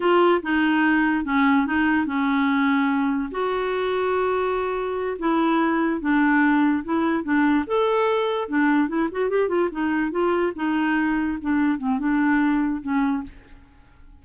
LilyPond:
\new Staff \with { instrumentName = "clarinet" } { \time 4/4 \tempo 4 = 145 f'4 dis'2 cis'4 | dis'4 cis'2. | fis'1~ | fis'8 e'2 d'4.~ |
d'8 e'4 d'4 a'4.~ | a'8 d'4 e'8 fis'8 g'8 f'8 dis'8~ | dis'8 f'4 dis'2 d'8~ | d'8 c'8 d'2 cis'4 | }